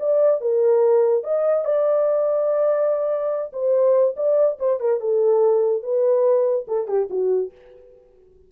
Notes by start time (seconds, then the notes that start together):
0.00 D5
0.41 A#4
1.24 D#5
1.65 D5
3.53 C5
4.17 D5
4.59 C5
4.80 A#4
5.01 A4
5.83 B4
6.68 A4
6.88 G4
7.10 F#4